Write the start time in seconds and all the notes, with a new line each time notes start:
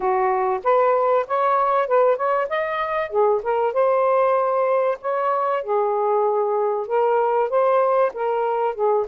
0.00 F#4
0.63 B4
1.27 C#5
1.88 B4
2.16 C#5
2.49 D#5
3.09 G#4
3.42 A#4
3.73 C5
5.01 C#5
5.63 G#4
6.87 A#4
7.49 C5
8.13 A#4
8.74 G#4